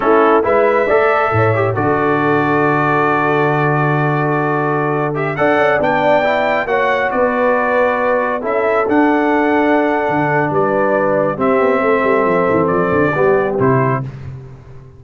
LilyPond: <<
  \new Staff \with { instrumentName = "trumpet" } { \time 4/4 \tempo 4 = 137 a'4 e''2. | d''1~ | d''2.~ d''8. e''16~ | e''16 fis''4 g''2 fis''8.~ |
fis''16 d''2. e''8.~ | e''16 fis''2.~ fis''8. | d''2 e''2~ | e''4 d''2 c''4 | }
  \new Staff \with { instrumentName = "horn" } { \time 4/4 e'4 b'4 d''4 cis''4 | a'1~ | a'1~ | a'16 d''2. cis''8.~ |
cis''16 b'2. a'8.~ | a'1 | b'2 g'4 a'4~ | a'2 g'2 | }
  \new Staff \with { instrumentName = "trombone" } { \time 4/4 cis'4 e'4 a'4. g'8 | fis'1~ | fis'2.~ fis'8. g'16~ | g'16 a'4 d'4 e'4 fis'8.~ |
fis'2.~ fis'16 e'8.~ | e'16 d'2.~ d'8.~ | d'2 c'2~ | c'2 b4 e'4 | }
  \new Staff \with { instrumentName = "tuba" } { \time 4/4 a4 gis4 a4 a,4 | d1~ | d1~ | d16 d'8 cis'8 b2 ais8.~ |
ais16 b2. cis'8.~ | cis'16 d'2~ d'8. d4 | g2 c'8 b8 a8 g8 | f8 e8 f8 d8 g4 c4 | }
>>